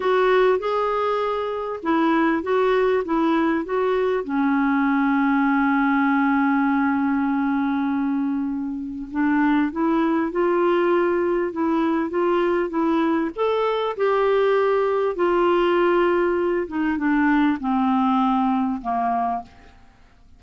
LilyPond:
\new Staff \with { instrumentName = "clarinet" } { \time 4/4 \tempo 4 = 99 fis'4 gis'2 e'4 | fis'4 e'4 fis'4 cis'4~ | cis'1~ | cis'2. d'4 |
e'4 f'2 e'4 | f'4 e'4 a'4 g'4~ | g'4 f'2~ f'8 dis'8 | d'4 c'2 ais4 | }